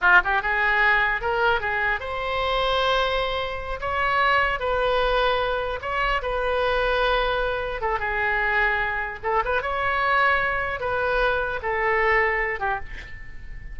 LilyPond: \new Staff \with { instrumentName = "oboe" } { \time 4/4 \tempo 4 = 150 f'8 g'8 gis'2 ais'4 | gis'4 c''2.~ | c''4. cis''2 b'8~ | b'2~ b'8 cis''4 b'8~ |
b'2.~ b'8 a'8 | gis'2. a'8 b'8 | cis''2. b'4~ | b'4 a'2~ a'8 g'8 | }